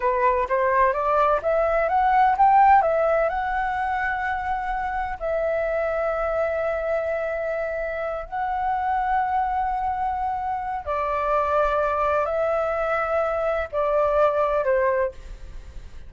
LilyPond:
\new Staff \with { instrumentName = "flute" } { \time 4/4 \tempo 4 = 127 b'4 c''4 d''4 e''4 | fis''4 g''4 e''4 fis''4~ | fis''2. e''4~ | e''1~ |
e''4. fis''2~ fis''8~ | fis''2. d''4~ | d''2 e''2~ | e''4 d''2 c''4 | }